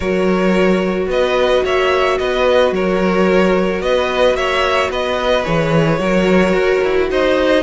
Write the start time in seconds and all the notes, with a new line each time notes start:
0.00 F#3 F#4 A#4 C#5
1.06 B3 B4 D#5
1.64 A#3 C#5 E5
2.18 B3 B4 D#5
2.71 F#3 A#4 C#5
3.80 B3 B4 D#5
4.33 A#3 C#5 E5
4.89 B3 B4 D#5
5.44 E3 G#4 C#5
5.99 F#3 F#4 A#4
6.52 F#4
6.83 E4
7.10 D#4 C5 D#5